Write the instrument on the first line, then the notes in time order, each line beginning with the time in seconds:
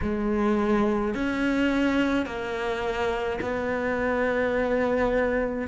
cello
0.02 G#3
1.14 C#4
2.26 A#3
3.41 B3